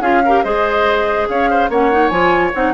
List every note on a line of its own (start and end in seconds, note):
0.00 0.42 C#4
0.00 0.23 F4
0.00 0.22 G#4
0.00 0.43 F5
0.25 0.45 G4
0.25 0.44 A#4
0.43 1.28 G#3
0.43 1.70 G#4
0.43 1.28 C5
0.43 1.27 D#5
1.28 1.69 C#4
1.28 1.50 C#5
1.28 1.70 F5
1.50 1.70 C5
1.69 2.10 A#3
1.69 1.91 C#4
1.69 2.73 C#5
1.69 2.09 F#5
1.91 2.11 D#4
2.09 2.52 F3
2.09 2.53 F4
2.09 2.51 G#5
2.54 2.73 C4
2.54 2.73 D#4
2.54 2.73 F#5